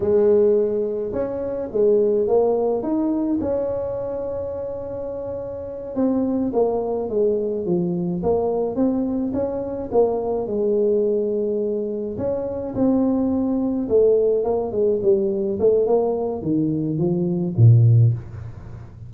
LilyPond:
\new Staff \with { instrumentName = "tuba" } { \time 4/4 \tempo 4 = 106 gis2 cis'4 gis4 | ais4 dis'4 cis'2~ | cis'2~ cis'8 c'4 ais8~ | ais8 gis4 f4 ais4 c'8~ |
c'8 cis'4 ais4 gis4.~ | gis4. cis'4 c'4.~ | c'8 a4 ais8 gis8 g4 a8 | ais4 dis4 f4 ais,4 | }